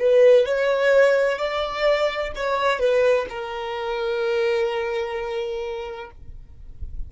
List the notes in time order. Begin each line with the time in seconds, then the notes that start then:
0.00 B4
0.46 C#5
1.38 D5
2.36 C#5
2.80 B4
3.30 A#4